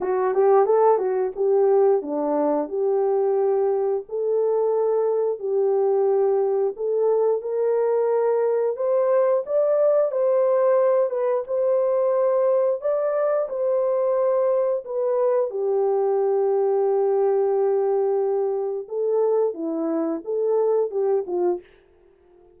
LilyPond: \new Staff \with { instrumentName = "horn" } { \time 4/4 \tempo 4 = 89 fis'8 g'8 a'8 fis'8 g'4 d'4 | g'2 a'2 | g'2 a'4 ais'4~ | ais'4 c''4 d''4 c''4~ |
c''8 b'8 c''2 d''4 | c''2 b'4 g'4~ | g'1 | a'4 e'4 a'4 g'8 f'8 | }